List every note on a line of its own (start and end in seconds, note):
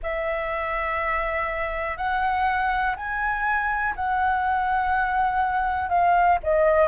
0.02 1.97 E5
1.97 2.95 F#5
2.96 3.94 G#5
3.95 5.89 F#5
5.89 6.38 F5
6.43 6.88 D#5